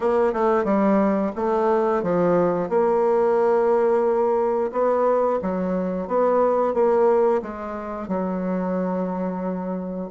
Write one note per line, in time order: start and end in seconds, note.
0.00 0.33 A#3
0.33 0.64 A3
0.64 1.31 G3
1.35 2.02 A3
2.02 2.69 F3
2.69 4.71 A#3
4.72 5.39 B3
5.41 6.07 F#3
6.07 6.74 B3
6.74 7.41 A#3
7.42 8.08 G#3
8.08 10.10 F#3